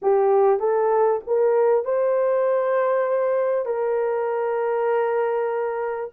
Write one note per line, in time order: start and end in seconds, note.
0.02 0.59 G4
0.59 1.21 A4
1.26 1.85 A#4
1.85 3.65 C5
3.65 6.10 A#4